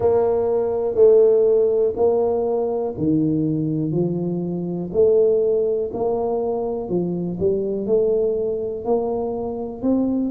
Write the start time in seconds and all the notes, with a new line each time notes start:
0.00 A#3
0.94 A3
1.95 A#3
2.97 D#3
3.91 F3
4.92 A3
5.93 A#3
6.89 F3
7.39 G3
7.86 A3
8.84 A#3
9.82 C4